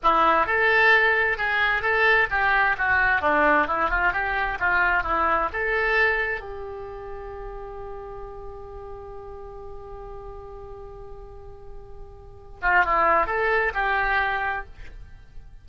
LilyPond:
\new Staff \with { instrumentName = "oboe" } { \time 4/4 \tempo 4 = 131 e'4 a'2 gis'4 | a'4 g'4 fis'4 d'4 | e'8 f'8 g'4 f'4 e'4 | a'2 g'2~ |
g'1~ | g'1~ | g'2.~ g'8 f'8 | e'4 a'4 g'2 | }